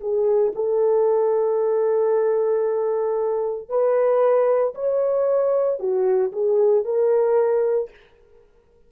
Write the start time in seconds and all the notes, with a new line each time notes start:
0.00 G#4
0.55 A4
3.68 B4
4.74 C#5
5.79 F#4
6.32 G#4
6.84 A#4